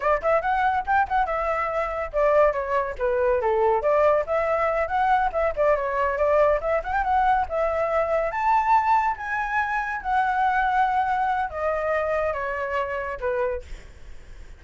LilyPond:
\new Staff \with { instrumentName = "flute" } { \time 4/4 \tempo 4 = 141 d''8 e''8 fis''4 g''8 fis''8 e''4~ | e''4 d''4 cis''4 b'4 | a'4 d''4 e''4. fis''8~ | fis''8 e''8 d''8 cis''4 d''4 e''8 |
fis''16 g''16 fis''4 e''2 a''8~ | a''4. gis''2 fis''8~ | fis''2. dis''4~ | dis''4 cis''2 b'4 | }